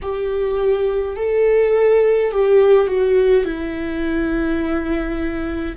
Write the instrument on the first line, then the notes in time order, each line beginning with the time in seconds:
viola
0.02 G4
1.16 A4
2.31 G4
2.87 F#4
3.44 E4